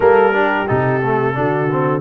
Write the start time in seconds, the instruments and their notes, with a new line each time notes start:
0.00 tuba G3, trombone A#3, horn A4, trumpet A#4
0.33 trombone D4, horn G4
0.67 tuba C3, trombone D#4, trumpet A4
1.02 trombone A3
1.34 tuba D3, trombone D4, horn F#4
1.71 trombone C4